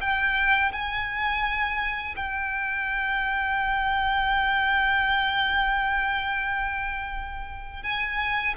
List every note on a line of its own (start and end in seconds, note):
0.00 0.71 G5
0.72 2.15 G#5
2.16 7.83 G5
7.83 8.54 G#5